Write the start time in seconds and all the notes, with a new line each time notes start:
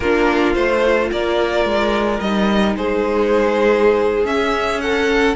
0.00 A#3 D4 F4 A#4
0.54 A3 F4 C5
1.11 A#3 A#4 D5
1.64 G#3
2.19 G3 D#4 D#5
2.75 G#3 G#4 C5
4.25 C#4 E5
4.80 A4 F#5